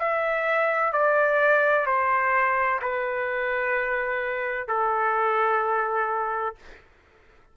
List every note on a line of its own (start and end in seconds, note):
0.00 0.93 E5
0.93 1.87 D5
1.87 2.80 C5
2.82 4.68 B4
4.68 6.56 A4